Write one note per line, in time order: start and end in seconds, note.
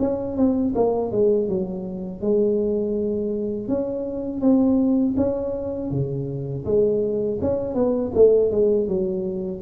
0.00 0.37 C#4
0.37 0.74 C4
0.75 1.12 A#3
1.12 1.48 G#3
1.48 2.22 F#3
2.22 3.68 G#3
3.68 4.41 C#4
4.41 5.15 C4
5.17 5.91 C#4
5.91 6.65 C#3
6.65 7.39 G#3
7.41 7.75 C#4
7.75 8.12 B3
8.15 8.51 A3
8.51 8.88 G#3
8.88 9.62 F#3